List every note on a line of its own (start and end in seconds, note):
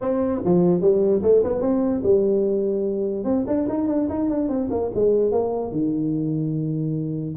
0.01 0.42 C4
0.45 0.81 F3
0.81 1.22 G3
1.22 1.42 A3
1.43 1.61 B3
1.61 2.01 C4
2.03 3.24 G3
3.24 3.44 C4
3.47 3.67 D4
3.68 3.87 D#4
3.87 4.08 D4
4.09 4.29 D#4
4.29 4.48 D4
4.48 4.69 C4
4.70 4.90 A#3
4.94 5.31 G#3
5.31 5.71 A#3
5.71 7.35 D#3